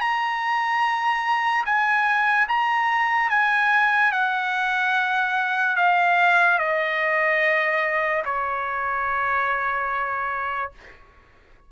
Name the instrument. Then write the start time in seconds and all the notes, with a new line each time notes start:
trumpet
0.00 A#5
1.65 G#5
2.48 A#5
3.30 G#5
4.12 F#5
5.76 F5
6.58 D#5
8.25 C#5